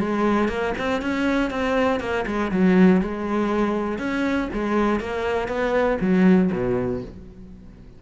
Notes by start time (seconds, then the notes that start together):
0.00 G#3
0.49 A#3
0.78 C4
1.02 C#4
1.51 C4
2.00 A#3
2.27 G#3
2.51 F#3
3.02 G#3
3.99 C#4
4.53 G#3
5.00 A#3
5.48 B3
6.01 F#3
6.52 B2